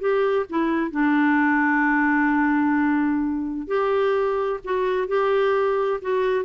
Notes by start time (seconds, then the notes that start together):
0.00 G4
0.50 E4
0.91 D4
3.68 G4
4.64 F#4
5.08 G4
6.02 F#4